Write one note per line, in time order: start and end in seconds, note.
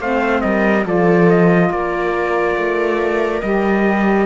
0.00 0.43 A3
0.00 0.85 C4
0.00 0.43 C5
0.00 0.41 F5
0.41 0.86 G3
0.41 0.86 A#4
0.41 0.84 D#5
0.85 1.70 F3
0.85 3.42 F4
0.85 1.72 A4
0.85 1.30 D5
1.30 1.72 D#5
1.70 2.56 A#3
1.70 4.27 A#4
1.70 3.41 D5
2.56 3.42 A3
3.41 4.27 G3
3.41 4.27 G4
3.41 4.27 D#5